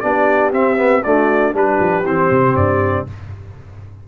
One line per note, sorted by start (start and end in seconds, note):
0.00 0.52 B3
0.00 0.53 D4
0.00 1.04 G4
0.00 0.50 D5
0.52 1.03 C4
0.52 0.76 C4
0.52 1.03 E5
0.76 1.01 B3
1.03 1.54 A3
1.03 1.54 D4
1.03 1.55 F#4
1.03 1.54 D5
1.54 1.79 G3
1.54 2.04 D4
1.54 3.07 G4
1.54 2.06 B4
1.79 2.05 F3
2.05 2.30 E3
2.05 3.07 C4
2.05 2.56 C5
2.31 2.55 C3
2.55 3.06 G2
2.55 3.07 D5